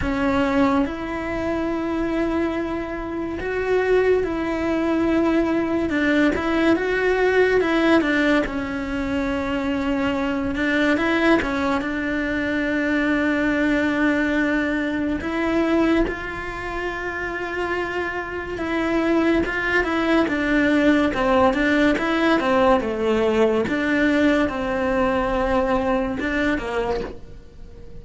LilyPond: \new Staff \with { instrumentName = "cello" } { \time 4/4 \tempo 4 = 71 cis'4 e'2. | fis'4 e'2 d'8 e'8 | fis'4 e'8 d'8 cis'2~ | cis'8 d'8 e'8 cis'8 d'2~ |
d'2 e'4 f'4~ | f'2 e'4 f'8 e'8 | d'4 c'8 d'8 e'8 c'8 a4 | d'4 c'2 d'8 ais8 | }